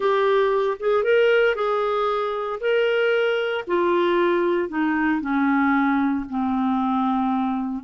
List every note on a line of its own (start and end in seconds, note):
0.00 0.77 G4
0.79 1.03 G#4
1.03 1.55 A#4
1.55 2.59 G#4
2.60 3.64 A#4
3.67 4.68 F4
4.68 5.21 D#4
5.21 6.25 C#4
6.29 7.84 C4